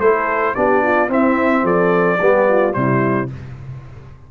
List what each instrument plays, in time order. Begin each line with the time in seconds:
0.00 tuba A3, trombone E4, horn A4, trumpet C5
0.55 tuba B3, trombone D4, horn G4, trumpet D5
0.83 horn F4
1.09 trombone C4, tuba C4, horn E4, trumpet E5
1.63 tuba F3, horn A4, trumpet D5
2.22 tuba G3, trombone B3, horn G4
2.49 horn F4
2.73 tuba C3, trombone G3, horn E4, trumpet C5